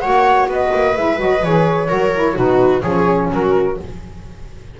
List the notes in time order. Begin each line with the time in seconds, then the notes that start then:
0.00 A#3 F#4 C#5 F#5
0.47 B3 B4 D#5
0.74 A#3
0.96 G#3 E4 E5
1.17 F#3 F#4 D#5
1.43 E3 G#4 C#5
1.88 F#3 F#4 A#4
2.14 E4
2.34 B2 D#4 F#4 B4
2.82 F3 C#4 G#4 C#5
3.31 F#3 F#4 A#4